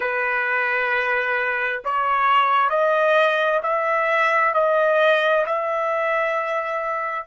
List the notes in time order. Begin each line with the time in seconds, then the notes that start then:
0.00 B4
1.84 C#5
2.69 D#5
3.62 E5
4.54 D#5
5.45 E5